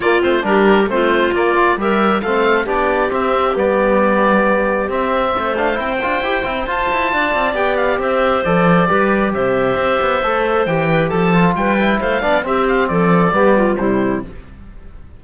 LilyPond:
<<
  \new Staff \with { instrumentName = "oboe" } { \time 4/4 \tempo 4 = 135 d''8 c''8 ais'4 c''4 d''4 | e''4 f''4 d''4 e''4 | d''2. e''4~ | e''8 f''8 g''2 a''4~ |
a''4 g''8 f''8 e''4 d''4~ | d''4 e''2. | g''4 a''4 g''4 f''4 | e''8 f''8 d''2 c''4 | }
  \new Staff \with { instrumentName = "clarinet" } { \time 4/4 f'4 g'4 f'2 | ais'4 a'4 g'2~ | g'1 | c''1 |
d''2 c''2 | b'4 c''2.~ | c''8 b'8 a'4 b'4 c''8 d''8 | g'4 a'4 g'8 f'8 e'4 | }
  \new Staff \with { instrumentName = "trombone" } { \time 4/4 ais8 c'8 d'4 c'4 ais8 f'8 | g'4 c'4 d'4 c'4 | b2. c'4~ | c'8 d'8 e'8 f'8 g'8 e'8 f'4~ |
f'4 g'2 a'4 | g'2. a'4 | g'4. f'4 e'4 d'8 | c'2 b4 g4 | }
  \new Staff \with { instrumentName = "cello" } { \time 4/4 ais8 a8 g4 a4 ais4 | g4 a4 b4 c'4 | g2. c'4 | a4 c'8 d'8 e'8 c'8 f'8 e'8 |
d'8 c'8 b4 c'4 f4 | g4 c4 c'8 b8 a4 | e4 f4 g4 a8 b8 | c'4 f4 g4 c4 | }
>>